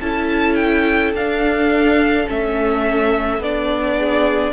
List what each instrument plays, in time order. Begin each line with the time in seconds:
0.00 cello C#4, viola E4, violin A4 A5
0.55 violin G5
1.13 cello D4, viola D4, violin F5
2.27 cello A3, viola C#4, violin E5
3.39 cello B3, viola D4, violin D5
3.96 violin G#4